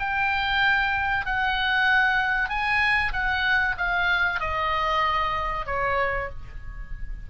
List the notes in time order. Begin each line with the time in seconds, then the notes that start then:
0.00 G5
1.26 F#5
2.49 G#5
3.13 F#5
3.78 F5
4.40 D#5
5.67 C#5